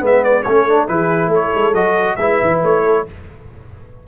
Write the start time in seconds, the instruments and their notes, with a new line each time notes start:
0.00 tuba G#3, trombone B3, horn B4
0.06 trumpet E5
0.24 trumpet D5
0.43 tuba A3, trumpet C#5
0.49 trombone C#4, horn A4
0.69 trombone D4
0.88 tuba E3, trombone E4, horn G#4, trumpet B4
1.28 tuba A3, horn A4
1.35 trumpet C#5
1.55 tuba G#3
1.74 tuba F#3, trombone F#4, trumpet D#5
2.16 tuba G#3, trombone E4, horn B4, trumpet E5
2.42 tuba E3
2.63 tuba A3, trumpet C#5
2.85 horn A4